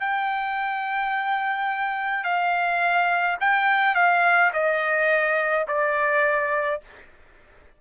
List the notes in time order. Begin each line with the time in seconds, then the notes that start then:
0.00 G5
2.24 F5
3.41 G5
3.95 F5
4.53 D#5
5.68 D5